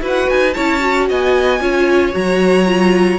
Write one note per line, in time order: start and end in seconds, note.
0.00 0.28 E4
0.00 0.53 F#4
0.00 0.55 B4
0.07 0.30 F#5
0.30 0.56 D#4
0.30 0.54 G#5
0.54 1.10 C#4
0.54 0.80 E4
0.54 1.08 C#5
0.54 1.07 A5
0.80 1.59 F#4
1.09 1.60 B3
1.09 1.62 D#5
1.09 2.15 G#5
1.59 2.13 C#4
1.59 2.12 F4
1.59 3.19 C#5
2.12 3.19 F#3
2.12 2.65 F#4
2.12 3.19 A#5
2.66 3.19 F4